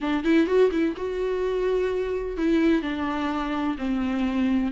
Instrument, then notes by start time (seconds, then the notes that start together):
viola
0.00 D4
0.24 E4
0.46 F#4
0.71 E4
0.96 F#4
2.37 E4
2.82 D4
3.78 C4